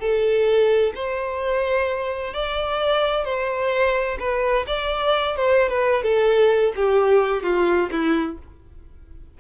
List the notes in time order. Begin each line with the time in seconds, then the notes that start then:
0.00 A4
0.95 C5
2.34 D5
3.25 C5
4.19 B4
4.67 D5
5.36 C5
5.69 B4
6.03 A4
6.76 G4
7.43 F4
7.91 E4